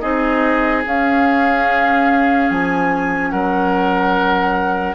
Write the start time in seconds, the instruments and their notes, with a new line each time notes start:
0.00 bassoon C4, clarinet D#4, oboe G#4, flute D#5
0.86 bassoon C#4, clarinet C#4, flute F5
2.51 bassoon F3, flute G#5
3.31 bassoon F#3, oboe A#4, flute F#5